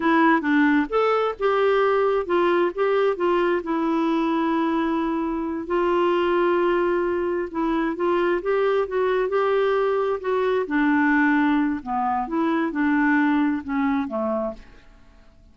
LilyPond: \new Staff \with { instrumentName = "clarinet" } { \time 4/4 \tempo 4 = 132 e'4 d'4 a'4 g'4~ | g'4 f'4 g'4 f'4 | e'1~ | e'8 f'2.~ f'8~ |
f'8 e'4 f'4 g'4 fis'8~ | fis'8 g'2 fis'4 d'8~ | d'2 b4 e'4 | d'2 cis'4 a4 | }